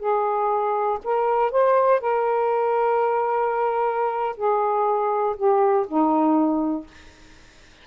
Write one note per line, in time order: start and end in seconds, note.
0.00 0.99 G#4
1.04 1.51 A#4
1.51 2.01 C5
2.01 4.37 A#4
4.37 5.36 G#4
5.37 5.86 G4
5.88 6.87 D#4